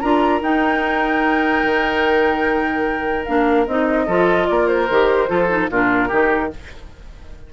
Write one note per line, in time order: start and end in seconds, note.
0.00 0.41 D4
0.00 0.42 F4
0.00 4.06 A#4
0.00 0.41 A#5
0.41 1.63 D#4
0.41 3.25 D#4
0.41 3.25 G5
1.63 3.26 D#3
3.25 3.67 A#3
3.25 3.67 D4
3.25 3.66 F5
3.67 4.08 C4
3.67 4.07 D#4
3.67 4.48 D#5
4.06 4.48 F3
4.06 4.89 F4
4.06 4.46 A4
4.48 4.90 A#3
4.48 5.30 A#4
4.48 4.68 D5
4.68 5.69 C5
4.90 5.29 D#3
4.90 5.28 G4
5.28 5.70 F3
5.28 5.48 F4
5.28 5.70 A4
5.49 5.69 D#4
5.70 6.11 A#2
5.70 6.10 D4
5.70 6.08 F4
5.70 6.53 A#4
6.08 6.52 D#3
6.08 6.51 D#4
6.08 6.49 G4